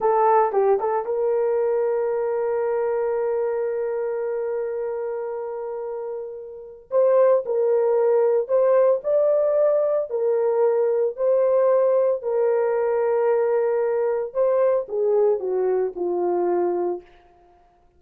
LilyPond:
\new Staff \with { instrumentName = "horn" } { \time 4/4 \tempo 4 = 113 a'4 g'8 a'8 ais'2~ | ais'1~ | ais'1~ | ais'4 c''4 ais'2 |
c''4 d''2 ais'4~ | ais'4 c''2 ais'4~ | ais'2. c''4 | gis'4 fis'4 f'2 | }